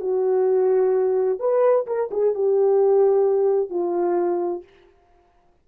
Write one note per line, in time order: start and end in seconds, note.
0.00 1.39 F#4
1.39 1.86 B4
1.86 2.10 A#4
2.11 2.34 G#4
2.35 3.70 G4
3.70 4.63 F4